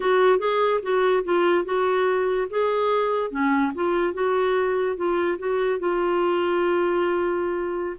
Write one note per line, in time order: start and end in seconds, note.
0.00 0.39 F#4
0.39 0.80 G#4
0.82 1.23 F#4
1.24 1.65 F4
1.65 2.47 F#4
2.50 3.30 G#4
3.30 3.72 C#4
3.74 4.13 F4
4.13 4.96 F#4
4.96 5.37 F4
5.38 5.79 F#4
5.79 7.96 F4